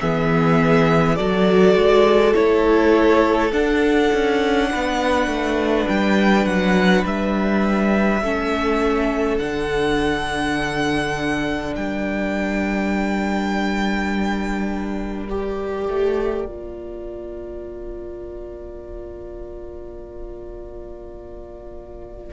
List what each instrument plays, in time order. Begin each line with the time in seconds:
0.00 cello E3, viola B3, violin G#4 E5
1.15 cello F#3, viola F#4, violin A4 D5
1.75 cello G#3
2.33 cello A3, viola E4, violin C#5
3.52 cello D4, viola D4, violin F#5
4.13 cello C#4
4.70 cello B3, violin B4
5.26 cello A3
5.88 cello G3, violin G5
6.45 cello F#3, violin F#5
7.05 cello G3, violin E5
8.22 cello A3, viola C#4, violin A4
9.38 cello D3, viola D4, violin F#5
11.74 cello G3, violin A#4 G5
15.29 viola G4, violin D5
15.88 cello A3
16.45 cello A#3, viola F4